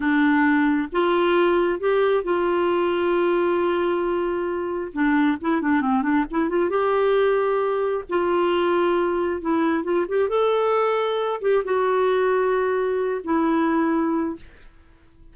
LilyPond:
\new Staff \with { instrumentName = "clarinet" } { \time 4/4 \tempo 4 = 134 d'2 f'2 | g'4 f'2.~ | f'2. d'4 | e'8 d'8 c'8 d'8 e'8 f'8 g'4~ |
g'2 f'2~ | f'4 e'4 f'8 g'8 a'4~ | a'4. g'8 fis'2~ | fis'4. e'2~ e'8 | }